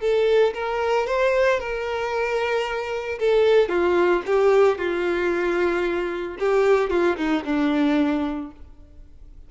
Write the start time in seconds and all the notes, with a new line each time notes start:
0.00 A4
0.53 A#4
1.06 C5
1.59 A#4
3.19 A4
3.69 F4
4.26 G4
4.77 F4
6.39 G4
6.90 F4
7.16 D#4
7.45 D4